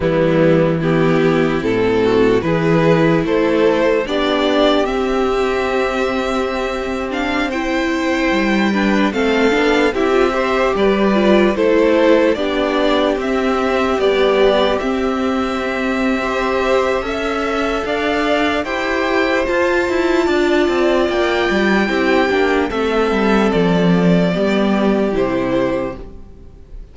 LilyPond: <<
  \new Staff \with { instrumentName = "violin" } { \time 4/4 \tempo 4 = 74 e'4 g'4 a'4 b'4 | c''4 d''4 e''2~ | e''8. f''8 g''2 f''8.~ | f''16 e''4 d''4 c''4 d''8.~ |
d''16 e''4 d''4 e''4.~ e''16~ | e''2 f''4 g''4 | a''2 g''2 | e''4 d''2 c''4 | }
  \new Staff \with { instrumentName = "violin" } { \time 4/4 b4 e'4. fis'8 gis'4 | a'4 g'2.~ | g'4~ g'16 c''4. b'8 a'8.~ | a'16 g'8 c''8 b'4 a'4 g'8.~ |
g'1 | c''4 e''4 d''4 c''4~ | c''4 d''2 g'4 | a'2 g'2 | }
  \new Staff \with { instrumentName = "viola" } { \time 4/4 g4 b4 c'4 e'4~ | e'4 d'4 c'2~ | c'8. d'8 e'4. d'8 c'8 d'16~ | d'16 e'16 f'16 g'4 f'8 e'4 d'8.~ |
d'16 c'4 g4 c'4.~ c'16 | g'4 a'2 g'4 | f'2. e'8 d'8 | c'2 b4 e'4 | }
  \new Staff \with { instrumentName = "cello" } { \time 4/4 e2 a,4 e4 | a4 b4 c'2~ | c'2~ c'16 g4 a8 b16~ | b16 c'4 g4 a4 b8.~ |
b16 c'4 b4 c'4.~ c'16~ | c'4 cis'4 d'4 e'4 | f'8 e'8 d'8 c'8 ais8 g8 c'8 ais8 | a8 g8 f4 g4 c4 | }
>>